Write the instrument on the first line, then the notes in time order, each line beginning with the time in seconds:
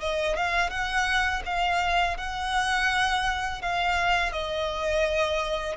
violin
0.00 D#5
0.36 F5
0.70 F#5
1.46 F5
2.17 F#5
3.61 F5
4.32 D#5